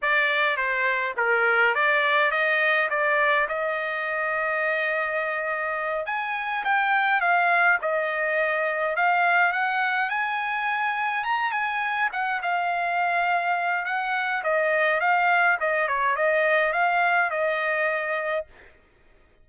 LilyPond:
\new Staff \with { instrumentName = "trumpet" } { \time 4/4 \tempo 4 = 104 d''4 c''4 ais'4 d''4 | dis''4 d''4 dis''2~ | dis''2~ dis''8 gis''4 g''8~ | g''8 f''4 dis''2 f''8~ |
f''8 fis''4 gis''2 ais''8 | gis''4 fis''8 f''2~ f''8 | fis''4 dis''4 f''4 dis''8 cis''8 | dis''4 f''4 dis''2 | }